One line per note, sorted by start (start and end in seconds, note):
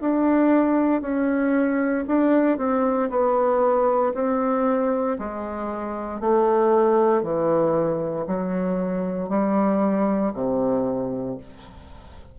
0.00 1.01 D4
1.01 2.05 C#4
2.07 2.58 D4
2.58 3.09 C4
3.09 4.13 B3
4.14 5.17 C4
5.19 6.20 G#3
6.20 7.22 A3
7.22 8.26 E3
8.27 9.29 F#3
9.29 10.32 G3
10.34 11.37 C3